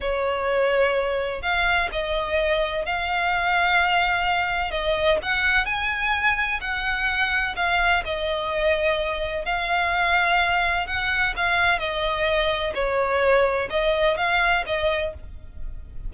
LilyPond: \new Staff \with { instrumentName = "violin" } { \time 4/4 \tempo 4 = 127 cis''2. f''4 | dis''2 f''2~ | f''2 dis''4 fis''4 | gis''2 fis''2 |
f''4 dis''2. | f''2. fis''4 | f''4 dis''2 cis''4~ | cis''4 dis''4 f''4 dis''4 | }